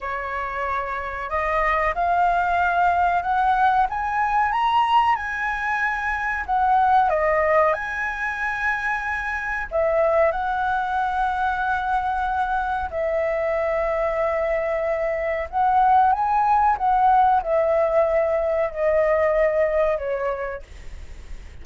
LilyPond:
\new Staff \with { instrumentName = "flute" } { \time 4/4 \tempo 4 = 93 cis''2 dis''4 f''4~ | f''4 fis''4 gis''4 ais''4 | gis''2 fis''4 dis''4 | gis''2. e''4 |
fis''1 | e''1 | fis''4 gis''4 fis''4 e''4~ | e''4 dis''2 cis''4 | }